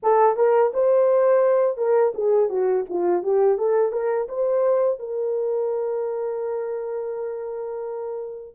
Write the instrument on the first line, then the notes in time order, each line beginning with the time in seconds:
horn
0.03 A4
0.36 A#4
0.73 C5
1.77 A#4
2.14 G#4
2.49 F#4
2.89 F4
3.22 G4
3.57 A4
3.92 A#4
4.28 C5
4.99 A#4